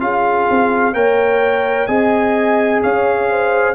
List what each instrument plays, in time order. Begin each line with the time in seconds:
0.00 tuba C#4, trombone F4, horn G#4, trumpet F5
0.50 tuba C4
0.94 tuba A#3, trombone A#4, horn C#5, trumpet G5
1.87 tuba C4, trombone G#4, horn D#5, trumpet G#5
2.83 tuba C#4, horn C#5, trumpet F5
3.30 horn C5